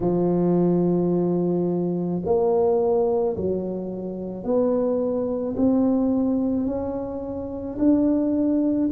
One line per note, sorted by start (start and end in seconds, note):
0.00 2.22 F3
2.25 3.36 A#3
3.36 4.44 F#3
4.44 5.55 B3
5.56 6.66 C4
6.66 7.77 C#4
7.78 8.89 D4